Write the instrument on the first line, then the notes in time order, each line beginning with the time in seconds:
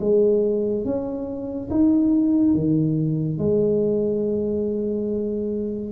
tuba
0.00 G#3
0.85 C#4
1.70 D#4
2.55 D#3
3.38 G#3